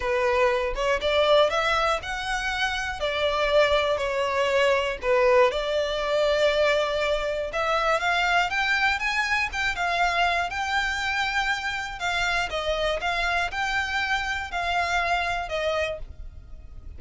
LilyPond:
\new Staff \with { instrumentName = "violin" } { \time 4/4 \tempo 4 = 120 b'4. cis''8 d''4 e''4 | fis''2 d''2 | cis''2 b'4 d''4~ | d''2. e''4 |
f''4 g''4 gis''4 g''8 f''8~ | f''4 g''2. | f''4 dis''4 f''4 g''4~ | g''4 f''2 dis''4 | }